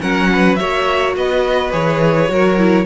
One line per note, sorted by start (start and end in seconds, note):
0.00 0.60 F#3
0.00 0.57 C#4
0.00 0.30 A#4
0.00 0.56 F#5
0.32 0.59 B4
0.56 1.16 A#3
0.56 1.71 F#4
0.56 1.16 C#5
0.56 1.13 E5
1.16 1.73 B3
1.16 2.31 B4
1.16 1.72 D#5
1.71 2.30 E3
1.71 2.28 G#4
1.71 2.86 C#5
2.28 2.86 F#3
2.28 2.57 F#4
2.28 2.86 A#4
2.58 2.86 E4